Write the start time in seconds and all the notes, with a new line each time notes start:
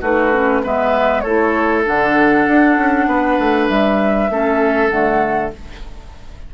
0.00 A3 D#4 F#4 B4
0.32 C#4
0.63 G#3 B3 B4 E5
1.20 A3 E4 A4 C#5
1.84 D3 D4 F#5
2.47 D4
2.76 C#4
3.06 B3 B4
3.39 A3
3.68 G3 E5
4.29 A3 C#4 A4
4.89 D3 A3 F#5